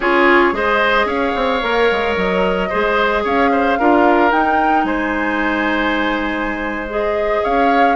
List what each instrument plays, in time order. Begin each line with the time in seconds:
0.00 bassoon C#4, clarinet F4, oboe G#4, flute C#5
0.52 bassoon G#3, clarinet G#4, oboe C5, flute D#5
1.05 bassoon C#4, oboe C#5, flute F5
1.35 bassoon C4
1.62 bassoon A#3, clarinet A#4
1.91 bassoon G#3
2.16 bassoon F#3, flute D#5
2.69 bassoon G#3, clarinet G#4, oboe C5
3.23 bassoon C#4, oboe C#5, flute F5
3.51 oboe C5
3.78 bassoon D4, clarinet F4, oboe A#4
4.30 clarinet D#4, bassoon D#4, flute G5
4.84 bassoon G#3, oboe C5, flute G#5
6.89 clarinet G#4, flute D#5
7.43 bassoon C#4, oboe C#5, flute F5